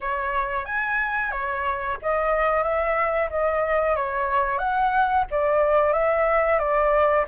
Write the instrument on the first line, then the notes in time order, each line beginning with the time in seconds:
flute
0.00 C#5
0.65 G#5
1.31 C#5
2.02 D#5
2.63 E5
3.30 D#5
3.96 C#5
4.58 F#5
5.30 D5
5.93 E5
6.58 D5